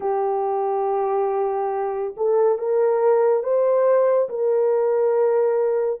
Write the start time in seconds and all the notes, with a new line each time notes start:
0.00 G4
2.17 A4
2.58 A#4
3.43 C5
4.29 A#4